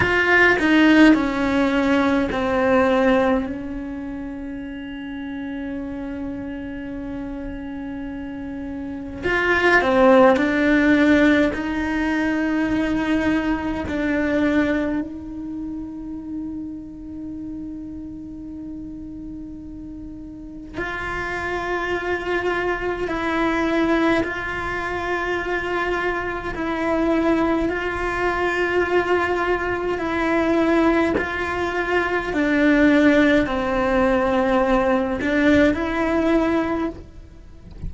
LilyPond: \new Staff \with { instrumentName = "cello" } { \time 4/4 \tempo 4 = 52 f'8 dis'8 cis'4 c'4 cis'4~ | cis'1 | f'8 c'8 d'4 dis'2 | d'4 dis'2.~ |
dis'2 f'2 | e'4 f'2 e'4 | f'2 e'4 f'4 | d'4 c'4. d'8 e'4 | }